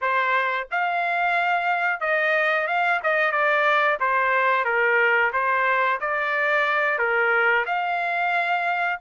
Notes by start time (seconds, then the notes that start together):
0.01 C5
0.71 F5
2.00 D#5
2.67 F5
3.03 D#5
3.31 D5
3.99 C5
4.65 A#4
5.32 C5
6.00 D5
6.98 A#4
7.66 F5